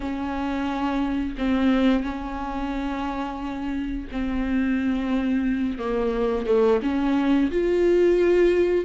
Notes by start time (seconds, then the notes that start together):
0.00 C#4
1.38 C4
2.03 C#4
4.11 C4
5.78 A#3
6.46 A3
6.82 C#4
7.51 F4